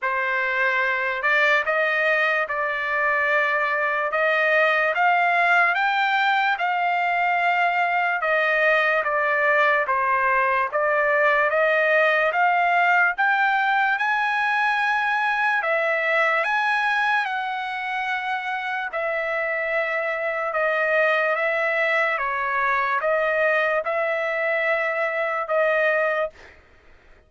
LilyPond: \new Staff \with { instrumentName = "trumpet" } { \time 4/4 \tempo 4 = 73 c''4. d''8 dis''4 d''4~ | d''4 dis''4 f''4 g''4 | f''2 dis''4 d''4 | c''4 d''4 dis''4 f''4 |
g''4 gis''2 e''4 | gis''4 fis''2 e''4~ | e''4 dis''4 e''4 cis''4 | dis''4 e''2 dis''4 | }